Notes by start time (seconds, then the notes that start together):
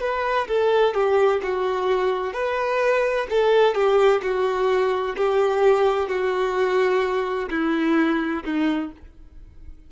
0.00 B4
0.47 A4
0.94 G4
1.42 F#4
2.33 B4
3.29 A4
3.74 G4
4.22 F#4
5.16 G4
6.08 F#4
7.50 E4
8.44 D#4